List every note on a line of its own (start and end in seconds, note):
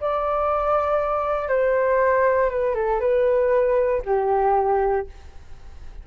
0.00 1.48 D5
1.48 2.50 C5
2.50 2.75 B4
2.75 3.00 A4
3.00 4.02 B4
4.05 5.07 G4